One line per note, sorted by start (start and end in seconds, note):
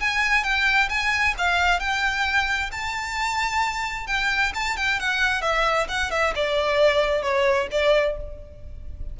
0.00 0.43 G#5
0.43 0.89 G5
0.89 1.35 G#5
1.38 1.80 F5
1.80 2.70 G5
2.72 4.07 A5
4.07 4.52 G5
4.55 4.77 A5
4.77 4.99 G5
5.00 5.42 F#5
5.42 5.87 E5
5.88 6.11 F#5
6.11 6.34 E5
6.35 7.22 D5
7.22 7.68 C#5
7.71 8.17 D5